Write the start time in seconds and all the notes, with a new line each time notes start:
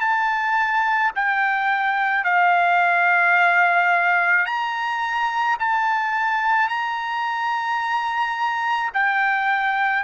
0.00 A5
1.16 G5
2.24 F5
4.46 A#5
5.59 A5
6.69 A#5
8.94 G5